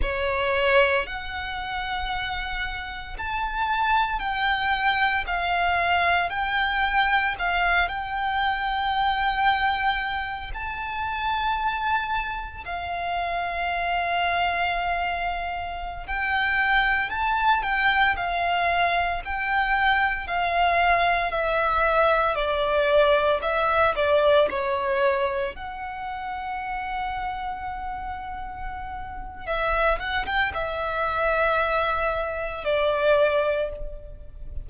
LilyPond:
\new Staff \with { instrumentName = "violin" } { \time 4/4 \tempo 4 = 57 cis''4 fis''2 a''4 | g''4 f''4 g''4 f''8 g''8~ | g''2 a''2 | f''2.~ f''16 g''8.~ |
g''16 a''8 g''8 f''4 g''4 f''8.~ | f''16 e''4 d''4 e''8 d''8 cis''8.~ | cis''16 fis''2.~ fis''8. | e''8 fis''16 g''16 e''2 d''4 | }